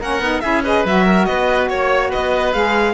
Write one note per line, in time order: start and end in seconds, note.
0.00 0.20 A#3
0.00 0.21 C#4
0.00 0.42 A#4
0.00 0.41 F#5
0.20 0.41 B3
0.20 0.43 D#4
0.41 0.85 C#4
0.41 0.65 E4
0.41 0.64 G#4
0.41 0.62 E5
0.64 0.86 G#4
0.64 1.06 B4
0.64 0.86 D#5
0.85 1.28 F#3
0.85 2.54 F#4
0.85 1.26 E5
1.06 1.27 A#4
1.26 1.71 B3
1.26 1.71 B4
1.26 1.68 D#5
1.70 2.13 A#3
1.70 2.12 C#5
1.70 2.10 C#5
2.10 2.94 B4
2.10 2.54 D#5
2.16 2.55 B3
2.54 2.94 G#3
2.54 2.94 G#4
2.54 2.94 F5